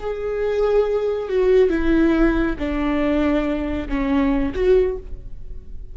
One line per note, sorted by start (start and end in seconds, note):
0.00 1.29 G#4
1.29 1.70 F#4
1.70 2.56 E4
2.59 3.89 D4
3.89 4.54 C#4
4.55 4.98 F#4